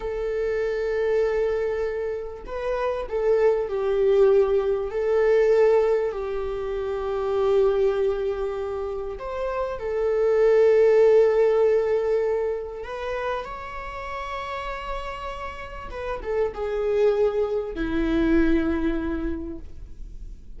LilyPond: \new Staff \with { instrumentName = "viola" } { \time 4/4 \tempo 4 = 98 a'1 | b'4 a'4 g'2 | a'2 g'2~ | g'2. c''4 |
a'1~ | a'4 b'4 cis''2~ | cis''2 b'8 a'8 gis'4~ | gis'4 e'2. | }